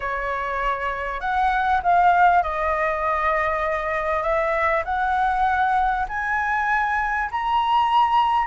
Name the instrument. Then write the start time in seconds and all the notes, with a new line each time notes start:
flute
0.00 C#5
1.20 F#5
1.82 F5
2.42 D#5
4.22 E5
4.85 F#5
6.08 G#5
7.31 A#5